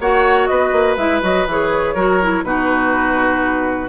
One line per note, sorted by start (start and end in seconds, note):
0.00 0.49 A#3
0.00 0.98 F#4
0.00 0.49 C#5
0.00 0.47 F#5
0.47 0.72 B3
0.47 1.94 B4
0.47 0.96 D#5
0.72 0.97 A#3
0.97 1.22 G#3
0.97 1.22 E4
0.97 1.22 E5
1.22 1.46 F#3
1.22 1.46 F#4
1.22 1.48 D#5
1.46 1.95 E3
1.46 1.97 G#4
1.46 2.44 C#5
1.94 2.43 F#3
1.94 2.21 F#4
1.94 2.43 A#4
2.22 2.45 E4
2.43 3.89 B2
2.43 3.89 D#4
2.43 3.89 F#4
2.43 3.89 B4